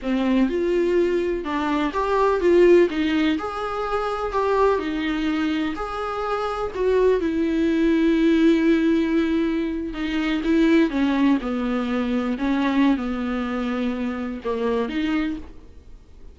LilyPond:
\new Staff \with { instrumentName = "viola" } { \time 4/4 \tempo 4 = 125 c'4 f'2 d'4 | g'4 f'4 dis'4 gis'4~ | gis'4 g'4 dis'2 | gis'2 fis'4 e'4~ |
e'1~ | e'8. dis'4 e'4 cis'4 b16~ | b4.~ b16 cis'4~ cis'16 b4~ | b2 ais4 dis'4 | }